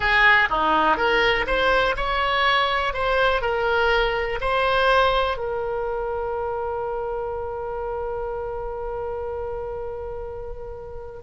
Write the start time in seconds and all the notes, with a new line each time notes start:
0.00 G#4
0.49 D#4
0.96 A#4
1.47 C5
1.96 C#5
2.93 C5
3.41 A#4
4.40 C5
5.37 A#4